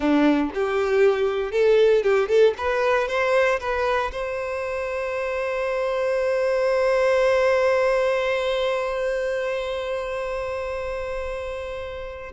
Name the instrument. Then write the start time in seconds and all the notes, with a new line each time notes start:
violin
0.00 D4
0.54 G4
1.51 A4
2.03 G4
2.28 A4
2.57 B4
3.08 C5
3.60 B4
4.11 C5